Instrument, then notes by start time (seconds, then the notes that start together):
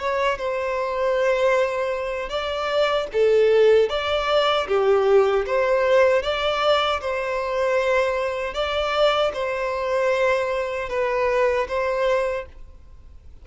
violin
0.00 C#5
0.39 C5
2.30 D5
3.13 A4
3.90 D5
4.68 G4
5.47 C5
6.23 D5
7.01 C5
8.54 D5
9.34 C5
10.90 B4
11.68 C5